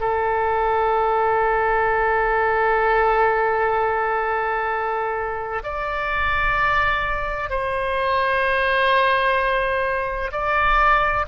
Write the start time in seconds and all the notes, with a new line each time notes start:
0.00 A4
5.63 D5
7.50 C5
10.31 D5